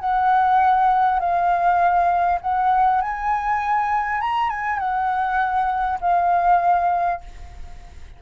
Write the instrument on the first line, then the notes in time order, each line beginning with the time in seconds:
flute
0.00 F#5
1.19 F5
2.41 F#5
3.02 G#5
4.21 A#5
4.50 G#5
4.79 F#5
6.01 F5